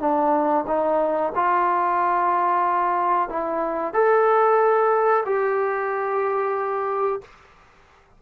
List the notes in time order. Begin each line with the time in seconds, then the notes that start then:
0.00 D4
0.68 D#4
1.36 F4
3.30 E4
3.94 A4
5.26 G4